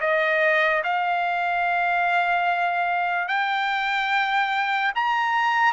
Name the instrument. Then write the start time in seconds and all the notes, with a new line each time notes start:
trumpet
0.00 D#5
0.83 F5
3.28 G5
4.95 A#5